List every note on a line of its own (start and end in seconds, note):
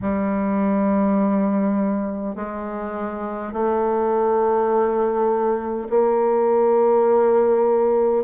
0.01 2.35 G3
2.35 3.52 G#3
3.52 5.88 A3
5.89 8.24 A#3